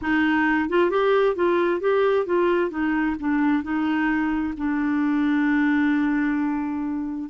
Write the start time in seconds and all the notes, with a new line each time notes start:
0.01 D#4
0.69 F4
0.90 G4
1.35 F4
1.80 G4
2.26 F4
2.70 D#4
3.19 D4
3.63 D#4
4.57 D4